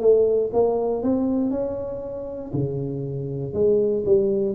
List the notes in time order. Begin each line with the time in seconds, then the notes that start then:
0.00 A3
0.53 A#3
1.02 C4
1.50 C#4
2.53 C#3
3.53 G#3
4.05 G3